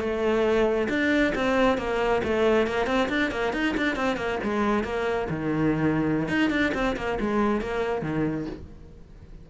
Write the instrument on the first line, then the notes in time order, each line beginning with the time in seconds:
cello
0.00 A3
0.89 D4
1.35 C4
1.78 A#3
2.24 A3
2.68 A#3
2.87 C4
3.09 D4
3.31 A#3
3.53 D#4
3.77 D4
3.96 C4
4.17 A#3
4.44 G#3
4.84 A#3
5.30 D#3
6.29 D#4
6.51 D4
6.75 C4
6.97 A#3
7.21 G#3
7.61 A#3
8.02 D#3